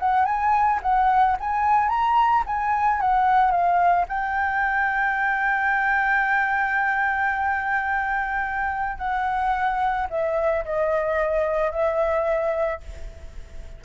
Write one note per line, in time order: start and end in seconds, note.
0.00 0.26 F#5
0.26 0.80 G#5
0.83 1.37 F#5
1.40 1.89 G#5
1.89 2.44 A#5
2.47 3.01 G#5
3.01 3.52 F#5
3.52 4.06 F5
4.09 8.99 G5
8.99 10.08 F#5
10.10 10.65 E5
10.65 11.72 D#5
11.72 12.81 E5